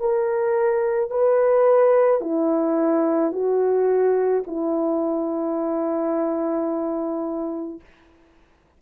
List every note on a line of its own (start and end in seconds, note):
0.00 1.10 A#4
1.10 2.21 B4
2.21 3.32 E4
3.32 4.43 F#4
4.46 7.80 E4